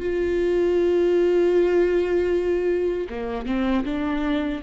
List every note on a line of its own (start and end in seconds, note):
0.00 3.08 F4
3.09 3.46 A#3
3.46 3.84 C4
3.85 4.62 D4